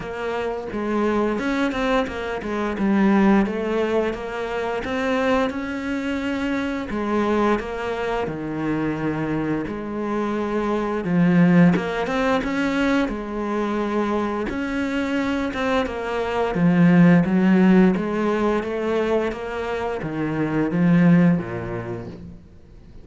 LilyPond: \new Staff \with { instrumentName = "cello" } { \time 4/4 \tempo 4 = 87 ais4 gis4 cis'8 c'8 ais8 gis8 | g4 a4 ais4 c'4 | cis'2 gis4 ais4 | dis2 gis2 |
f4 ais8 c'8 cis'4 gis4~ | gis4 cis'4. c'8 ais4 | f4 fis4 gis4 a4 | ais4 dis4 f4 ais,4 | }